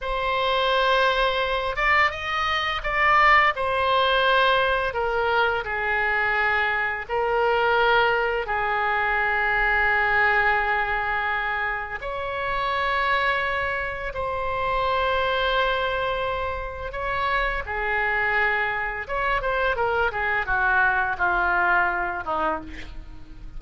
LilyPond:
\new Staff \with { instrumentName = "oboe" } { \time 4/4 \tempo 4 = 85 c''2~ c''8 d''8 dis''4 | d''4 c''2 ais'4 | gis'2 ais'2 | gis'1~ |
gis'4 cis''2. | c''1 | cis''4 gis'2 cis''8 c''8 | ais'8 gis'8 fis'4 f'4. dis'8 | }